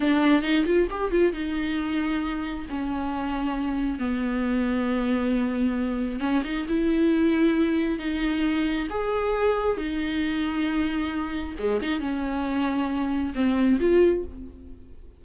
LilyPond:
\new Staff \with { instrumentName = "viola" } { \time 4/4 \tempo 4 = 135 d'4 dis'8 f'8 g'8 f'8 dis'4~ | dis'2 cis'2~ | cis'4 b2.~ | b2 cis'8 dis'8 e'4~ |
e'2 dis'2 | gis'2 dis'2~ | dis'2 gis8 dis'8 cis'4~ | cis'2 c'4 f'4 | }